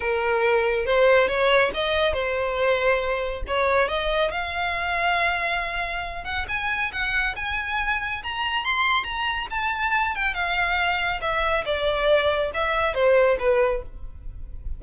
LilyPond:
\new Staff \with { instrumentName = "violin" } { \time 4/4 \tempo 4 = 139 ais'2 c''4 cis''4 | dis''4 c''2. | cis''4 dis''4 f''2~ | f''2~ f''8 fis''8 gis''4 |
fis''4 gis''2 ais''4 | c'''4 ais''4 a''4. g''8 | f''2 e''4 d''4~ | d''4 e''4 c''4 b'4 | }